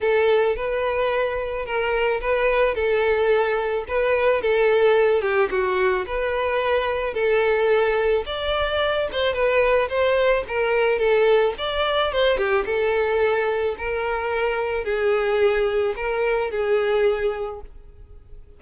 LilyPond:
\new Staff \with { instrumentName = "violin" } { \time 4/4 \tempo 4 = 109 a'4 b'2 ais'4 | b'4 a'2 b'4 | a'4. g'8 fis'4 b'4~ | b'4 a'2 d''4~ |
d''8 c''8 b'4 c''4 ais'4 | a'4 d''4 c''8 g'8 a'4~ | a'4 ais'2 gis'4~ | gis'4 ais'4 gis'2 | }